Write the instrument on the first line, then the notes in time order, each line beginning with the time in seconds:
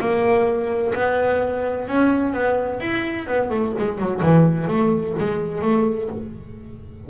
double bass
0.00 A#3
0.95 B3
1.88 C#4
2.34 B3
2.80 E4
3.27 B3
3.50 A3
3.78 G#3
3.98 F#3
4.23 E3
4.68 A3
5.19 G#3
5.62 A3